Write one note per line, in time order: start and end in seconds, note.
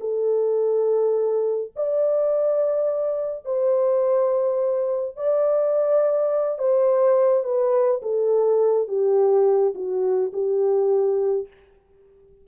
0.00 1.71 A4
1.76 3.45 D5
3.45 5.16 C5
5.16 6.58 D5
6.58 7.44 C5
7.44 8.01 B4
8.02 8.88 A4
8.88 9.74 G4
9.75 10.32 F#4
10.33 11.47 G4